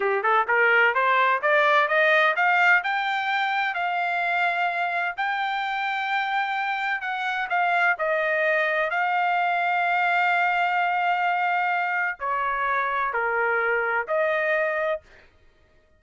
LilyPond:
\new Staff \with { instrumentName = "trumpet" } { \time 4/4 \tempo 4 = 128 g'8 a'8 ais'4 c''4 d''4 | dis''4 f''4 g''2 | f''2. g''4~ | g''2. fis''4 |
f''4 dis''2 f''4~ | f''1~ | f''2 cis''2 | ais'2 dis''2 | }